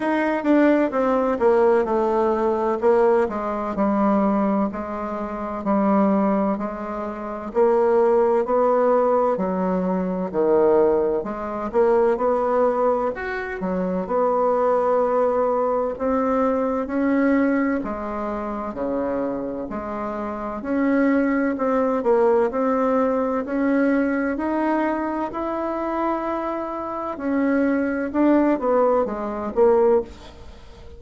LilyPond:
\new Staff \with { instrumentName = "bassoon" } { \time 4/4 \tempo 4 = 64 dis'8 d'8 c'8 ais8 a4 ais8 gis8 | g4 gis4 g4 gis4 | ais4 b4 fis4 dis4 | gis8 ais8 b4 fis'8 fis8 b4~ |
b4 c'4 cis'4 gis4 | cis4 gis4 cis'4 c'8 ais8 | c'4 cis'4 dis'4 e'4~ | e'4 cis'4 d'8 b8 gis8 ais8 | }